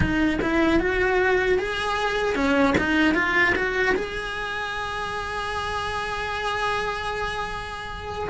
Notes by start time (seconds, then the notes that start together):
0.00 D#4
0.41 E4
0.79 F#4
1.58 G#4
2.35 C#4
2.78 D#4
3.14 F4
3.55 F#4
3.95 G#4